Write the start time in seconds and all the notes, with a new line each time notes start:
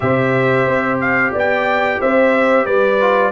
0.00 C3 G4 C5 E5
0.66 C4
1.00 F5
1.32 B3 D5
1.38 G5
2.00 C4 C5 E5
2.65 G3 B4 D5
3.01 F4